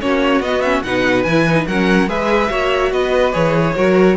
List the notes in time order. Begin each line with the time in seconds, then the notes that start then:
0.00 A#3 C#4 F#4 C#5
0.40 B3 D#5
0.61 C#4 E5
0.83 B2 D#4 B4 F#5
1.23 E3 E4 G#5
1.47 D#4
1.67 F#3 C#4 A#4 F#5
2.08 G#3 G#4 B4 E5
2.49 A#3 F#4 C#5
2.91 B3 B4 D#5
3.32 E3 G#4 C#5
3.75 F#3 F#4 A#4